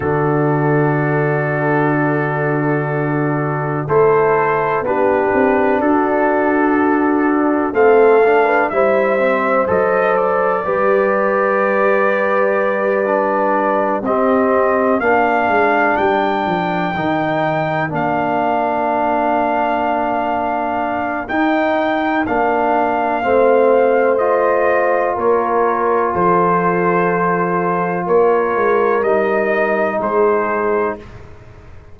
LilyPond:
<<
  \new Staff \with { instrumentName = "trumpet" } { \time 4/4 \tempo 4 = 62 a'1 | c''4 b'4 a'2 | f''4 e''4 dis''8 d''4.~ | d''2~ d''8 dis''4 f''8~ |
f''8 g''2 f''4.~ | f''2 g''4 f''4~ | f''4 dis''4 cis''4 c''4~ | c''4 cis''4 dis''4 c''4 | }
  \new Staff \with { instrumentName = "horn" } { \time 4/4 fis'1 | a'4 g'4 fis'2 | a'8. b'16 c''2 b'4~ | b'2~ b'8 g'4 ais'8~ |
ais'1~ | ais'1 | c''2 ais'4 a'4~ | a'4 ais'2 gis'4 | }
  \new Staff \with { instrumentName = "trombone" } { \time 4/4 d'1 | e'4 d'2. | c'8 d'8 e'8 c'8 a'4 g'4~ | g'4. d'4 c'4 d'8~ |
d'4. dis'4 d'4.~ | d'2 dis'4 d'4 | c'4 f'2.~ | f'2 dis'2 | }
  \new Staff \with { instrumentName = "tuba" } { \time 4/4 d1 | a4 b8 c'8 d'2 | a4 g4 fis4 g4~ | g2~ g8 c'4 ais8 |
gis8 g8 f8 dis4 ais4.~ | ais2 dis'4 ais4 | a2 ais4 f4~ | f4 ais8 gis8 g4 gis4 | }
>>